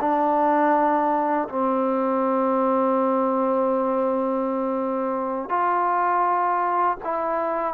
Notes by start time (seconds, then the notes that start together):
0.00 D4
1.48 C4
5.49 F4
7.04 E4